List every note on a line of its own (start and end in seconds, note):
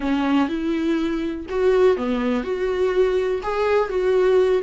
0.00 0.48 C#4
0.48 1.46 E4
1.49 1.96 F#4
1.96 2.43 B3
2.43 3.41 F#4
3.43 3.89 G#4
3.89 4.62 F#4